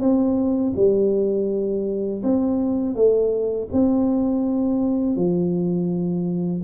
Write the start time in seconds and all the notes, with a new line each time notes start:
0.00 C4
0.76 G3
2.23 C4
2.95 A3
3.73 C4
5.16 F3